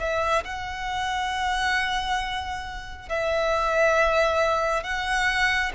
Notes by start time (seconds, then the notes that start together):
0.00 E5
0.45 F#5
3.10 E5
4.84 F#5